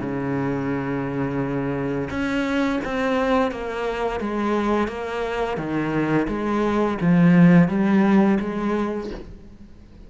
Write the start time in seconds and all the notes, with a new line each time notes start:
0.00 C#3
2.11 C#4
2.85 C4
3.52 A#3
4.21 G#3
4.88 A#3
5.58 D#3
6.28 G#3
7.01 F3
7.69 G3
8.41 G#3